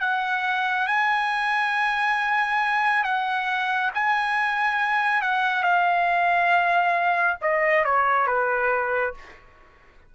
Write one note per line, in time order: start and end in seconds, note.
0.00 0.87 F#5
0.87 3.04 G#5
3.04 3.91 F#5
3.94 5.21 G#5
5.21 5.63 F#5
5.63 7.37 F5
7.42 7.85 D#5
7.85 8.27 C#5
8.27 9.14 B4